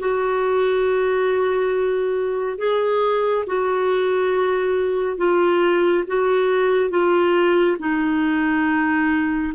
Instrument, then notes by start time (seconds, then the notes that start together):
clarinet
0.00 F#4
2.58 G#4
3.47 F#4
5.18 F4
6.08 F#4
6.91 F4
7.79 D#4